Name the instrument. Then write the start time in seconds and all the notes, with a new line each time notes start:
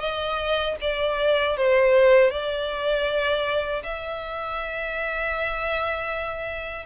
violin
0.00 D#5
0.81 D5
1.57 C5
2.31 D5
3.84 E5